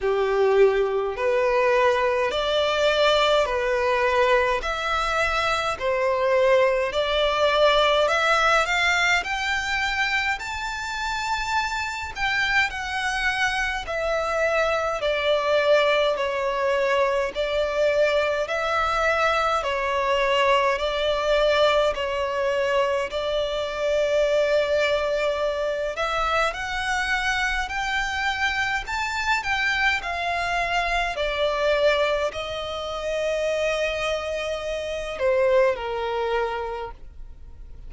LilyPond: \new Staff \with { instrumentName = "violin" } { \time 4/4 \tempo 4 = 52 g'4 b'4 d''4 b'4 | e''4 c''4 d''4 e''8 f''8 | g''4 a''4. g''8 fis''4 | e''4 d''4 cis''4 d''4 |
e''4 cis''4 d''4 cis''4 | d''2~ d''8 e''8 fis''4 | g''4 a''8 g''8 f''4 d''4 | dis''2~ dis''8 c''8 ais'4 | }